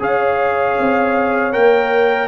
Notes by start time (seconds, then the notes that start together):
0.00 C#4 G#4 C#5 F5
0.79 C4
1.53 A#3 A#4 G5